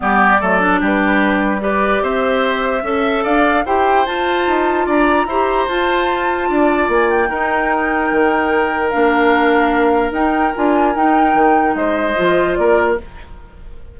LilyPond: <<
  \new Staff \with { instrumentName = "flute" } { \time 4/4 \tempo 4 = 148 d''2 b'2 | d''4 e''2. | f''4 g''4 a''2 | ais''2 a''2~ |
a''4 gis''8 g''2~ g''8~ | g''2 f''2~ | f''4 g''4 gis''4 g''4~ | g''4 dis''2 d''4 | }
  \new Staff \with { instrumentName = "oboe" } { \time 4/4 g'4 a'4 g'2 | b'4 c''2 e''4 | d''4 c''2. | d''4 c''2. |
d''2 ais'2~ | ais'1~ | ais'1~ | ais'4 c''2 ais'4 | }
  \new Staff \with { instrumentName = "clarinet" } { \time 4/4 b4 a8 d'2~ d'8 | g'2. a'4~ | a'4 g'4 f'2~ | f'4 g'4 f'2~ |
f'2 dis'2~ | dis'2 d'2~ | d'4 dis'4 f'4 dis'4~ | dis'2 f'2 | }
  \new Staff \with { instrumentName = "bassoon" } { \time 4/4 g4 fis4 g2~ | g4 c'2 cis'4 | d'4 e'4 f'4 dis'4 | d'4 e'4 f'2 |
d'4 ais4 dis'2 | dis2 ais2~ | ais4 dis'4 d'4 dis'4 | dis4 gis4 f4 ais4 | }
>>